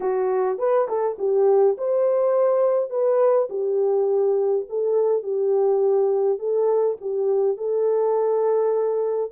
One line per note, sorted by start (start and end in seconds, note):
0.00 0.58 F#4
0.58 0.87 B4
0.88 1.17 A4
1.18 1.76 G4
1.77 2.89 C5
2.89 3.48 B4
3.50 4.66 G4
4.69 5.23 A4
5.23 6.39 G4
6.39 6.97 A4
7.00 7.57 G4
7.57 9.31 A4